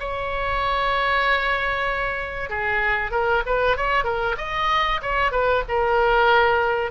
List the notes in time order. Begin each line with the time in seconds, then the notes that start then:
0.00 C#5
2.50 G#4
3.11 A#4
3.46 B4
3.77 C#5
4.04 A#4
4.38 D#5
5.02 C#5
5.32 B4
5.69 A#4